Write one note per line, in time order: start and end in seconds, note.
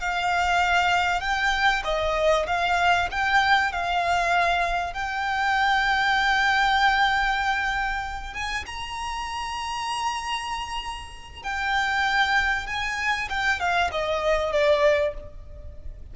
0.00 1.20 F5
1.20 1.82 G5
1.84 2.46 D#5
2.46 3.08 F5
3.11 3.72 G5
3.72 4.93 F5
4.93 8.33 G5
8.34 8.65 G#5
8.66 11.43 A#5
11.43 12.66 G5
12.66 13.28 G#5
13.29 13.59 G5
13.59 13.90 F5
13.91 14.52 D#5
14.52 15.13 D5